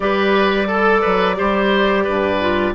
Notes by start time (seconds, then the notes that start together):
0.00 G3 G4 B4 D5
0.67 A4
1.01 F#3 B4
1.35 G3 G4 C5
2.04 G2 B4
2.40 F4